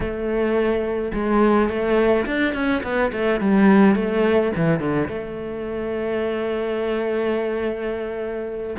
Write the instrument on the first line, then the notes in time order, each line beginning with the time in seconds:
cello
0.00 A3
1.13 G#3
1.69 A3
2.25 D4
2.54 C#4
2.83 B3
3.12 A3
3.40 G3
3.95 A3
4.55 E3
4.79 D3
5.08 A3